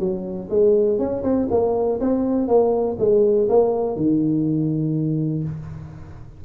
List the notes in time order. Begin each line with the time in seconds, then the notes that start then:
0.00 F#3
0.50 G#3
0.99 C#4
1.24 C4
1.51 A#3
2.01 C4
2.48 A#3
2.99 G#3
3.49 A#3
3.97 D#3